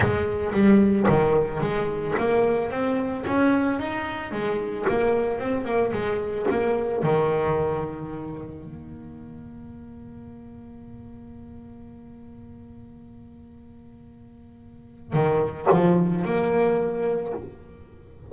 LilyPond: \new Staff \with { instrumentName = "double bass" } { \time 4/4 \tempo 4 = 111 gis4 g4 dis4 gis4 | ais4 c'4 cis'4 dis'4 | gis4 ais4 c'8 ais8 gis4 | ais4 dis2. |
ais1~ | ais1~ | ais1 | dis4 f4 ais2 | }